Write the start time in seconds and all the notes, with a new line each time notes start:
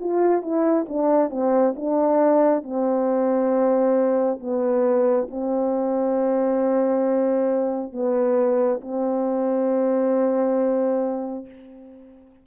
0.00 F4
0.42 E4
0.88 D4
1.30 C4
1.76 D4
2.63 C4
4.40 B3
5.31 C4
7.92 B3
8.81 C4